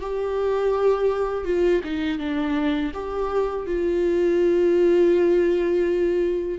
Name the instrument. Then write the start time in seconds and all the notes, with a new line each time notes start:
viola
0.00 G4
1.45 F4
1.84 D#4
2.19 D4
2.94 G4
3.67 F4